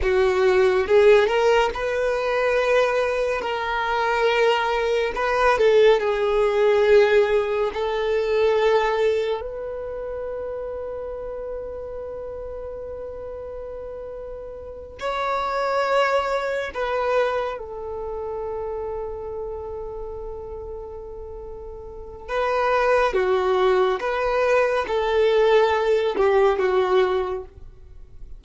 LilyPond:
\new Staff \with { instrumentName = "violin" } { \time 4/4 \tempo 4 = 70 fis'4 gis'8 ais'8 b'2 | ais'2 b'8 a'8 gis'4~ | gis'4 a'2 b'4~ | b'1~ |
b'4. cis''2 b'8~ | b'8 a'2.~ a'8~ | a'2 b'4 fis'4 | b'4 a'4. g'8 fis'4 | }